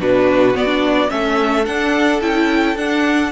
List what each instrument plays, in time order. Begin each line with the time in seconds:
0.00 cello B2, viola D4, violin F#4 B4
0.55 viola B3, cello B3, violin D5
0.66 viola D4
1.09 cello A3, viola C#4, violin A4 E5
1.66 viola D4, cello D4, violin F#5
2.21 cello C#4, viola E4, violin G5
2.76 cello D4, viola D4, violin F#5